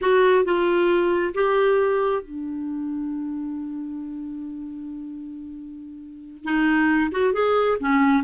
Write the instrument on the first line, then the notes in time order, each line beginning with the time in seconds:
clarinet
0.01 F#4
0.44 F4
1.34 G4
2.22 D4
6.44 D#4
7.11 F#4
7.33 G#4
7.80 C#4